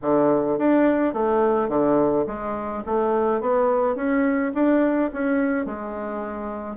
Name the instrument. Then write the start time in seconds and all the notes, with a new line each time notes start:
bassoon
0.02 D3
0.58 D4
1.13 A3
1.68 D3
2.26 G#3
2.86 A3
3.40 B3
3.95 C#4
4.54 D4
5.13 C#4
5.65 G#3